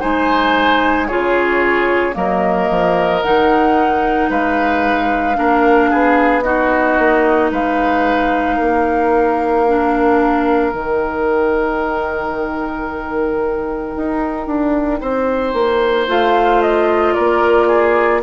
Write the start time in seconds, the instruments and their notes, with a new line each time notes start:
0.00 bassoon G#3, clarinet D#4, oboe C5, flute G#5
1.07 bassoon C#3, clarinet F4, oboe G#4, flute C#5
2.13 bassoon F#3, clarinet A#3, oboe A#4, flute D#5
2.69 bassoon F3
3.22 bassoon D#3, clarinet D#4, flute F#5
4.29 bassoon G#3, oboe B4, flute F5
5.35 bassoon A#3, clarinet D4, oboe A#4
5.90 bassoon B3, oboe G#4
6.42 clarinet D#4, oboe F#4, flute D#5
6.98 bassoon A#3
7.51 bassoon G#3, oboe B4, flute F5
8.56 bassoon A#3, oboe A#4
9.67 clarinet D4
10.71 bassoon D#3, clarinet D#4, flute G5
13.96 bassoon D#4
14.46 bassoon D4
15.00 bassoon C4, oboe C5
15.53 bassoon A#3
16.08 bassoon A3, clarinet F4, flute F5
16.62 flute D#5
17.13 bassoon A#3, oboe A#4, flute D5
17.67 oboe G#4